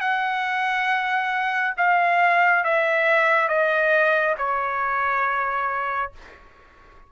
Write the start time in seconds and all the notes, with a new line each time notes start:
0.00 F#5
1.77 F5
2.64 E5
3.48 D#5
4.38 C#5